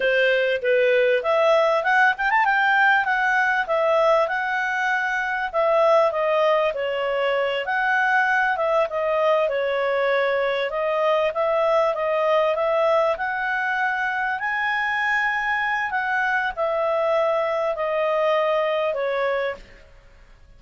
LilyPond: \new Staff \with { instrumentName = "clarinet" } { \time 4/4 \tempo 4 = 98 c''4 b'4 e''4 fis''8 g''16 a''16 | g''4 fis''4 e''4 fis''4~ | fis''4 e''4 dis''4 cis''4~ | cis''8 fis''4. e''8 dis''4 cis''8~ |
cis''4. dis''4 e''4 dis''8~ | dis''8 e''4 fis''2 gis''8~ | gis''2 fis''4 e''4~ | e''4 dis''2 cis''4 | }